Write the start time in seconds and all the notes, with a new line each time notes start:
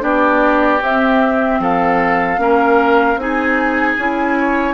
0.00 B3 D4 G4 D5
0.81 C4 E5
1.59 F3 A4 F5
2.38 A#3 C#4 A#4
3.16 C4 D#4 G#4 G#5
3.98 C#4 E4
4.39 C#5